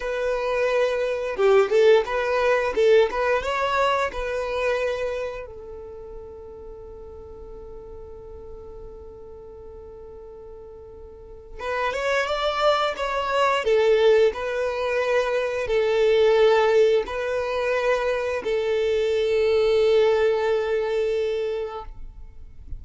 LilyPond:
\new Staff \with { instrumentName = "violin" } { \time 4/4 \tempo 4 = 88 b'2 g'8 a'8 b'4 | a'8 b'8 cis''4 b'2 | a'1~ | a'1~ |
a'4 b'8 cis''8 d''4 cis''4 | a'4 b'2 a'4~ | a'4 b'2 a'4~ | a'1 | }